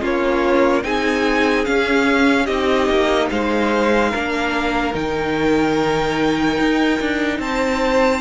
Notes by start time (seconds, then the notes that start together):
0.00 A#3 C#4 F4 C#5
0.83 C4 D#4 G#4 G#5
1.65 C#4 F5
2.45 C4 D#4 G4 D#5
2.89 A#3
3.29 G#3 C5 F5
4.10 A#3 D4 A#4
4.93 D#3 D#4 G5
6.59 D#4
7.01 D4
7.39 C4 C5 A5